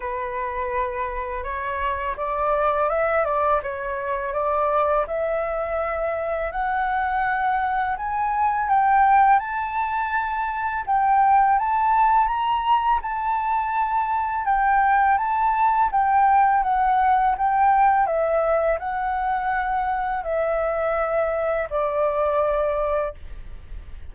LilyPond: \new Staff \with { instrumentName = "flute" } { \time 4/4 \tempo 4 = 83 b'2 cis''4 d''4 | e''8 d''8 cis''4 d''4 e''4~ | e''4 fis''2 gis''4 | g''4 a''2 g''4 |
a''4 ais''4 a''2 | g''4 a''4 g''4 fis''4 | g''4 e''4 fis''2 | e''2 d''2 | }